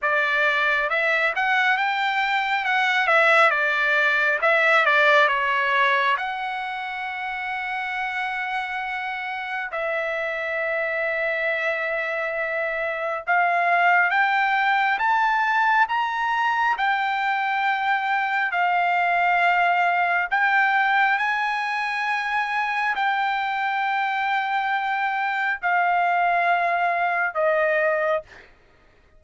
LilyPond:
\new Staff \with { instrumentName = "trumpet" } { \time 4/4 \tempo 4 = 68 d''4 e''8 fis''8 g''4 fis''8 e''8 | d''4 e''8 d''8 cis''4 fis''4~ | fis''2. e''4~ | e''2. f''4 |
g''4 a''4 ais''4 g''4~ | g''4 f''2 g''4 | gis''2 g''2~ | g''4 f''2 dis''4 | }